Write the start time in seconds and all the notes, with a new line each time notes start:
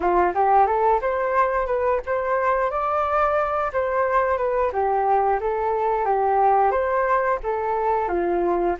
0.00 F4
0.34 G4
0.66 A4
1.01 C5
1.66 B4
2.06 C5
2.70 D5
3.72 C5
4.37 B4
4.72 G4
5.40 A4
6.05 G4
6.71 C5
7.43 A4
8.08 F4